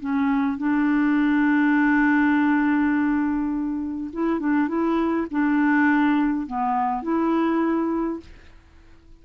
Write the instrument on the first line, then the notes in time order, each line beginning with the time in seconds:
clarinet
0.00 C#4
0.58 D4
4.13 E4
4.40 D4
4.68 E4
5.31 D4
6.47 B3
7.02 E4